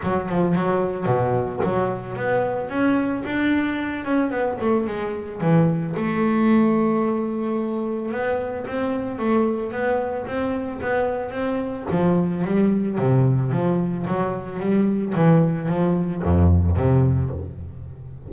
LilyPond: \new Staff \with { instrumentName = "double bass" } { \time 4/4 \tempo 4 = 111 fis8 f8 fis4 b,4 fis4 | b4 cis'4 d'4. cis'8 | b8 a8 gis4 e4 a4~ | a2. b4 |
c'4 a4 b4 c'4 | b4 c'4 f4 g4 | c4 f4 fis4 g4 | e4 f4 f,4 c4 | }